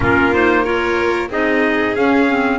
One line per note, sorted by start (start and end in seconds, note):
0.00 1.29 A#3
0.00 0.32 C#4
0.00 0.63 F4
0.00 0.33 A#4
0.32 0.64 D#4
0.32 0.64 C5
0.63 1.30 F4
0.63 1.29 A#4
0.63 1.29 C#5
1.29 1.94 C4
1.29 1.95 D#4
1.29 2.58 G#4
1.29 1.95 D#5
1.95 2.58 C#4
1.95 2.28 C#4
1.95 2.58 F5
2.28 2.58 C4